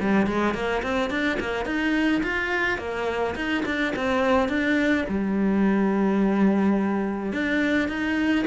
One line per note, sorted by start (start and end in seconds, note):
0.00 0.26 G3
0.26 0.54 G#3
0.54 0.82 A#3
0.82 1.10 C4
1.10 1.38 D4
1.39 1.65 A#3
1.65 2.22 D#4
2.23 2.78 F4
2.78 3.35 A#3
3.35 3.64 D#4
3.65 3.93 D4
3.95 4.48 C4
4.48 5.05 D4
5.08 7.32 G3
7.32 7.88 D4
7.88 8.45 D#4